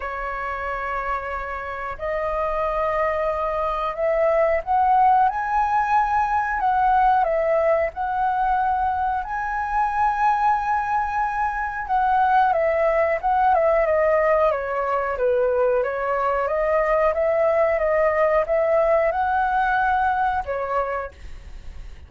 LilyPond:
\new Staff \with { instrumentName = "flute" } { \time 4/4 \tempo 4 = 91 cis''2. dis''4~ | dis''2 e''4 fis''4 | gis''2 fis''4 e''4 | fis''2 gis''2~ |
gis''2 fis''4 e''4 | fis''8 e''8 dis''4 cis''4 b'4 | cis''4 dis''4 e''4 dis''4 | e''4 fis''2 cis''4 | }